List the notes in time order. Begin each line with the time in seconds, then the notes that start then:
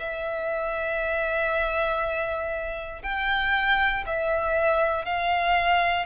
0.00 E5
3.03 G5
4.06 E5
5.05 F5